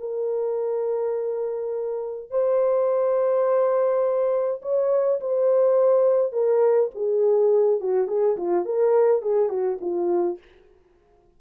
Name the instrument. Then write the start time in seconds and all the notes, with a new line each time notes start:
horn
0.00 A#4
2.31 C5
4.63 C#5
5.21 C5
6.33 A#4
6.95 G#4
7.81 F#4
8.08 G#4
8.37 F4
8.66 A#4
9.23 G#4
9.50 F#4
9.81 F4